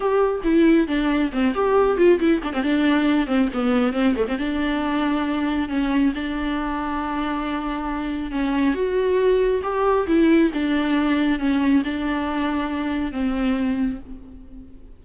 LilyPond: \new Staff \with { instrumentName = "viola" } { \time 4/4 \tempo 4 = 137 g'4 e'4 d'4 c'8 g'8~ | g'8 f'8 e'8 d'16 c'16 d'4. c'8 | b4 c'8 a16 c'16 d'2~ | d'4 cis'4 d'2~ |
d'2. cis'4 | fis'2 g'4 e'4 | d'2 cis'4 d'4~ | d'2 c'2 | }